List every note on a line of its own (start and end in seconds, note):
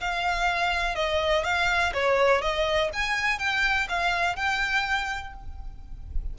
0.00 0.95 F5
0.95 1.44 D#5
1.44 1.92 F5
1.93 2.41 C#5
2.41 2.90 D#5
2.93 3.39 G#5
3.39 3.87 G5
3.88 4.36 F5
4.36 5.33 G5